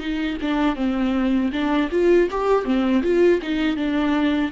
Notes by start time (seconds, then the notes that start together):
0.00 D#4
0.42 D4
0.76 C4
1.53 D4
1.92 F4
2.31 G4
2.65 C4
3.03 F4
3.42 D#4
3.77 D4